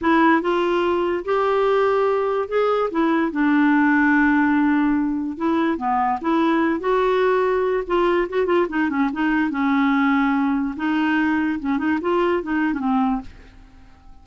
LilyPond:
\new Staff \with { instrumentName = "clarinet" } { \time 4/4 \tempo 4 = 145 e'4 f'2 g'4~ | g'2 gis'4 e'4 | d'1~ | d'4 e'4 b4 e'4~ |
e'8 fis'2~ fis'8 f'4 | fis'8 f'8 dis'8 cis'8 dis'4 cis'4~ | cis'2 dis'2 | cis'8 dis'8 f'4 dis'8. cis'16 c'4 | }